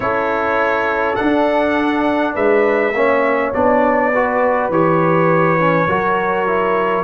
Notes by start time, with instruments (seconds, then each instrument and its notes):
0.00 tuba C#4, trombone E4, horn A4, trumpet C#5
1.15 trombone D4, tuba D4, trumpet F#5
2.34 tuba G#3, horn B4, trumpet E5
2.93 tuba A#3, trombone C#4, horn C#5
3.53 tuba B3, trombone D4, trumpet D5
4.13 trombone F#4, horn B4
4.69 tuba E3, trombone G4, trumpet C#5
5.59 trombone C#4
5.87 tuba F#3, trombone F#4, horn A#4
6.47 trombone E4